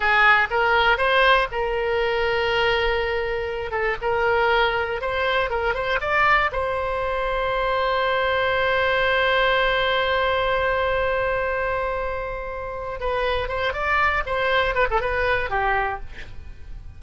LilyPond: \new Staff \with { instrumentName = "oboe" } { \time 4/4 \tempo 4 = 120 gis'4 ais'4 c''4 ais'4~ | ais'2.~ ais'8 a'8 | ais'2 c''4 ais'8 c''8 | d''4 c''2.~ |
c''1~ | c''1~ | c''2 b'4 c''8 d''8~ | d''8 c''4 b'16 a'16 b'4 g'4 | }